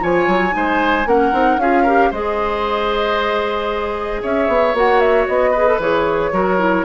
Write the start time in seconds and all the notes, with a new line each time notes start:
0.00 F3 F4 C#5 G#5
0.27 F#3
0.50 G#3 D#4
0.57 C5
1.06 A#3 C#4 A#4 F#5
1.33 C4 D#4
1.57 C#4 F4 G#4 F5
1.83 G4 A#4
2.11 G#3 G#4 C5 D#5
4.23 C#4 C#5 E5
4.48 B3
4.74 A#3 F#4 F#5
5.00 E5
5.27 B3 D#5
5.51 G#4 B4
5.67 A4
5.79 E3 G#4 C#5
6.32 F#3 F#4 A#4
6.59 E4